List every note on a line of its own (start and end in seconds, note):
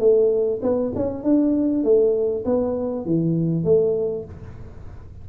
0.00 0.61 A3
0.63 0.93 B3
0.96 1.24 C#4
1.24 1.84 D4
1.84 2.45 A3
2.45 3.06 B3
3.06 3.65 E3
3.65 4.25 A3